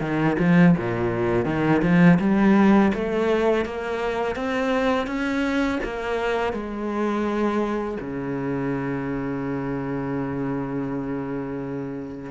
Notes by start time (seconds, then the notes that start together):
0.00 D#3
0.38 F3
0.77 A#2
1.45 D#3
1.82 F3
2.19 G3
2.94 A3
3.65 A#3
4.35 C4
5.06 C#4
5.83 A#3
6.53 G#3
8.00 C#3